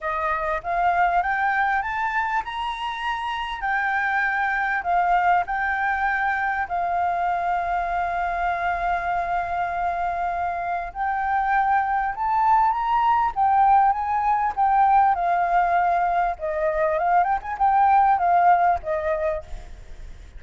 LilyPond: \new Staff \with { instrumentName = "flute" } { \time 4/4 \tempo 4 = 99 dis''4 f''4 g''4 a''4 | ais''2 g''2 | f''4 g''2 f''4~ | f''1~ |
f''2 g''2 | a''4 ais''4 g''4 gis''4 | g''4 f''2 dis''4 | f''8 g''16 gis''16 g''4 f''4 dis''4 | }